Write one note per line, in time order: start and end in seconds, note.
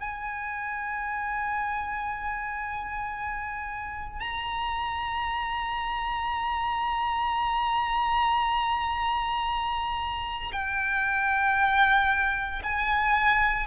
0.00 4.20 G#5
4.20 10.51 A#5
10.52 12.62 G5
12.63 13.67 G#5